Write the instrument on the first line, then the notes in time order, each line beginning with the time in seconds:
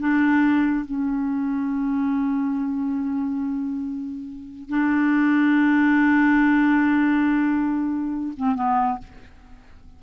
clarinet
0.00 D4
0.86 C#4
4.69 D4
8.37 C4
8.56 B3